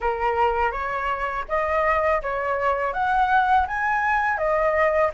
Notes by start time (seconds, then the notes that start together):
0.00 A#4
0.71 C#5
1.48 D#5
2.22 C#5
2.93 F#5
3.67 G#5
4.37 D#5